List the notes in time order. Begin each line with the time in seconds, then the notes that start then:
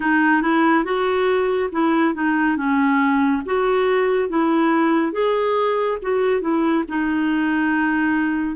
0.00 D#4
0.42 E4
0.84 F#4
1.72 E4
2.14 D#4
2.56 C#4
3.45 F#4
4.29 E4
5.12 G#4
6.02 F#4
6.41 E4
6.88 D#4